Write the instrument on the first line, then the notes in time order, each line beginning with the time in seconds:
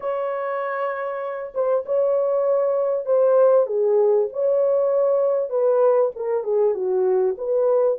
horn
0.00 C#5
1.54 C5
1.85 C#5
3.05 C5
3.66 G#4
4.32 C#5
5.49 B4
6.15 A#4
6.43 G#4
6.74 F#4
7.37 B4